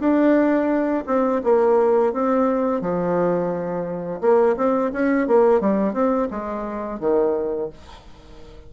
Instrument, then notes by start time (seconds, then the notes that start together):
bassoon
0.00 D4
1.07 C4
1.44 A#3
2.13 C4
2.82 F3
4.21 A#3
4.57 C4
4.93 C#4
5.28 A#3
5.61 G3
5.94 C4
6.31 G#3
7.00 D#3